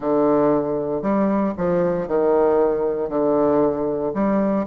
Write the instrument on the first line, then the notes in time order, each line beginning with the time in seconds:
bassoon
0.00 D3
1.02 G3
1.57 F3
2.07 D#3
3.09 D3
4.14 G3